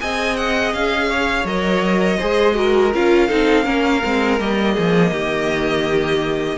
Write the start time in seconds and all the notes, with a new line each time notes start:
0.00 C4 G#4 D#5 G#5
0.36 F#5
0.73 C#4 F5
1.09 C#5
1.44 F#3 A#4 D#5
2.18 G#3 G#4 C5
2.54 F#4 A#4
2.94 C#4 F4 F5
3.28 C4 D#4 A4
3.63 A#3 C#4 A#4
4.04 G#3 C4
4.39 G3 A#3 D#5
4.73 F3 G#4
5.11 D#3 G4